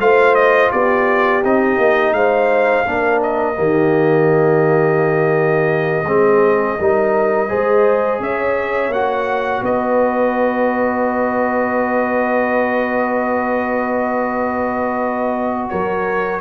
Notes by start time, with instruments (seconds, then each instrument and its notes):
0.00 tuba A3, trombone F4, horn C5, trumpet F5
0.35 trumpet D#5
0.72 tuba B3, horn G4, trumpet D5
1.44 tuba C4, trombone D#4, trumpet D#5
1.78 tuba A#3
2.13 tuba G#3, horn C5, trumpet F5
2.86 tuba A#3, trombone D4, horn A#4
3.23 trumpet D#5
3.55 tuba D#3, trombone A#3, horn G4
6.05 tuba G#3, trombone C4, horn G#4
6.79 tuba G3, trombone D#4, horn A#4
7.49 tuba G#3, trombone G#4, horn C5
8.20 tuba C#4, horn C#5, trumpet E5
8.90 tuba A#3, trombone F#4, trumpet F#5
9.63 tuba B3, horn B4, trumpet D#5
15.70 tuba F#3, horn A#4, trumpet C#5